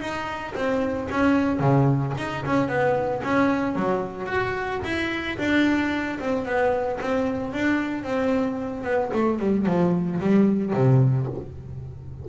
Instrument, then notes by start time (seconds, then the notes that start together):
double bass
0.00 D#4
0.55 C4
1.11 C#4
1.60 C#3
2.17 D#4
2.45 C#4
2.69 B3
3.23 C#4
3.76 F#3
4.26 F#4
4.84 E4
5.38 D4
6.19 C4
6.46 B3
7.00 C4
7.53 D4
8.04 C4
8.83 B3
9.13 A3
9.39 G3
9.66 F3
10.20 G3
10.73 C3